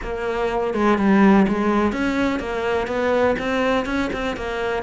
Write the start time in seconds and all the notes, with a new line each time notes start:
0.02 A#3
0.74 G#3
0.97 G3
1.48 G#3
1.92 C#4
2.39 A#3
2.87 B3
3.38 C4
3.85 C#4
4.12 C4
4.36 A#3